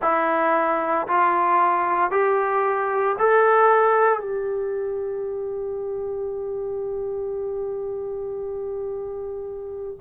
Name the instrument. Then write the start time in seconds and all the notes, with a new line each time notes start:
trombone
0.01 E4
1.07 F4
2.11 G4
3.18 A4
4.19 G4